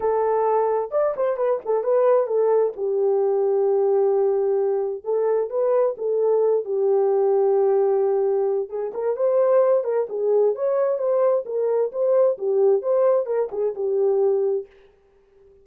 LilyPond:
\new Staff \with { instrumentName = "horn" } { \time 4/4 \tempo 4 = 131 a'2 d''8 c''8 b'8 a'8 | b'4 a'4 g'2~ | g'2. a'4 | b'4 a'4. g'4.~ |
g'2. gis'8 ais'8 | c''4. ais'8 gis'4 cis''4 | c''4 ais'4 c''4 g'4 | c''4 ais'8 gis'8 g'2 | }